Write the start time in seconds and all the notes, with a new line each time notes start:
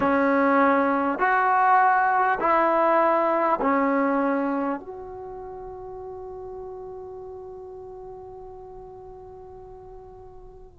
0.00 C#4
1.18 F#4
2.39 E4
3.61 C#4
4.80 F#4